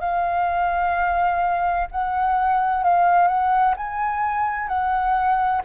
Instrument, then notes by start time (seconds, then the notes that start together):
flute
0.00 F5
1.91 F#5
2.83 F5
3.28 F#5
3.77 G#5
4.68 F#5